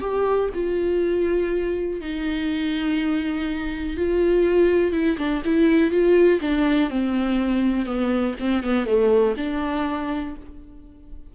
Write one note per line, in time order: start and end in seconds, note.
0.00 0.49 G4
0.54 2.01 F4
2.01 3.97 D#4
3.97 4.92 F4
4.92 5.16 E4
5.18 5.42 D4
5.44 5.91 E4
5.91 6.40 F4
6.41 6.90 D4
6.90 7.85 C4
7.85 8.35 B3
8.39 8.63 C4
8.63 8.85 B3
8.85 9.35 A3
9.37 10.35 D4